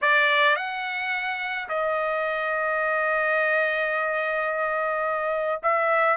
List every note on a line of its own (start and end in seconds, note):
0.01 0.56 D5
0.56 1.68 F#5
1.68 5.61 D#5
5.62 6.16 E5